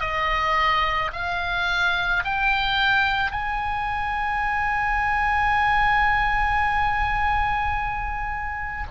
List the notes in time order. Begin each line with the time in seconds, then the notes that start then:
0.00 D#5
1.13 F5
2.24 G5
3.31 G#5